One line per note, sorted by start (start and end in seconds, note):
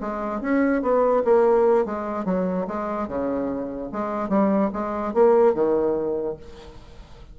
0.00 0.41 G#3
0.41 0.82 C#4
0.82 1.23 B3
1.24 1.85 A#3
1.85 2.25 G#3
2.25 2.66 F#3
2.67 3.07 G#3
3.07 3.90 C#3
3.92 4.29 G#3
4.29 4.70 G3
4.73 5.13 G#3
5.13 5.54 A#3
5.54 6.36 D#3